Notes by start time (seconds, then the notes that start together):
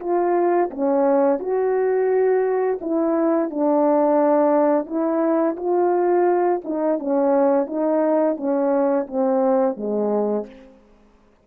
0.00 F4
0.71 C#4
1.40 F#4
2.81 E4
3.50 D4
4.86 E4
5.57 F4
6.64 D#4
6.99 C#4
7.67 D#4
8.37 C#4
9.07 C4
9.77 G#3